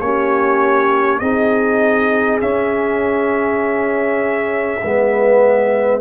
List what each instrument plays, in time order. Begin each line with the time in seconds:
0.00 tuba A#3, trombone C#4, horn G4, trumpet C#5
1.19 tuba C4, trombone D#4, horn G#4, trumpet D#5
2.41 trombone C#4, tuba C#4, trumpet E5
4.83 tuba G#3, trombone B3, horn B4